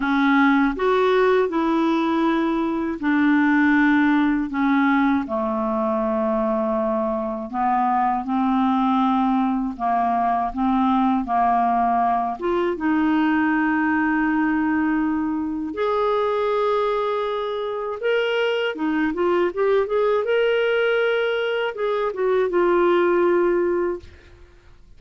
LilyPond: \new Staff \with { instrumentName = "clarinet" } { \time 4/4 \tempo 4 = 80 cis'4 fis'4 e'2 | d'2 cis'4 a4~ | a2 b4 c'4~ | c'4 ais4 c'4 ais4~ |
ais8 f'8 dis'2.~ | dis'4 gis'2. | ais'4 dis'8 f'8 g'8 gis'8 ais'4~ | ais'4 gis'8 fis'8 f'2 | }